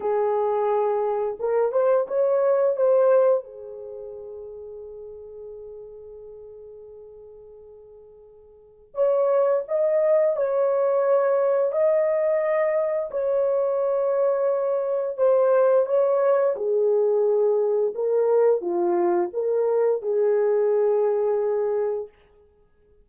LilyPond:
\new Staff \with { instrumentName = "horn" } { \time 4/4 \tempo 4 = 87 gis'2 ais'8 c''8 cis''4 | c''4 gis'2.~ | gis'1~ | gis'4 cis''4 dis''4 cis''4~ |
cis''4 dis''2 cis''4~ | cis''2 c''4 cis''4 | gis'2 ais'4 f'4 | ais'4 gis'2. | }